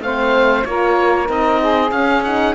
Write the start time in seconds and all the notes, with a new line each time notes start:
0.00 A3 C4 C5 F5
0.64 A#3 F4 A#4 C#5
1.26 C4 D#4 D#5
1.61 G#4
1.91 C#4 F5
2.23 D#4 F#5